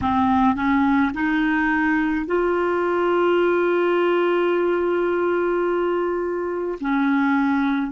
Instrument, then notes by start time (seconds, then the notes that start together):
clarinet
0.01 C4
0.55 C#4
1.13 D#4
2.25 F4
6.80 C#4